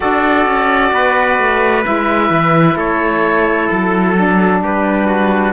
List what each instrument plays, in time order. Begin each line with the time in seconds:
0.00 cello D4, saxophone F#4, trumpet A4, oboe D5
0.45 cello C#4
0.92 cello B3, trumpet B4
1.38 cello A3
1.82 cello G#3, saxophone E4, oboe E5
2.29 cello E3
2.75 cello A3, trumpet A4, oboe C#5
3.69 cello F#3, oboe A4
4.16 saxophone D4
4.61 cello G3, trumpet G4, oboe B4
5.07 trumpet F#4